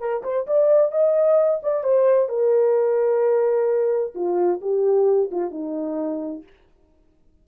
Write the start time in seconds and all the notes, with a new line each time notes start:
0.00 A#4
0.24 C5
0.47 D5
0.92 D#5
1.63 D5
1.84 C5
2.29 A#4
4.15 F4
4.62 G4
5.31 F4
5.51 D#4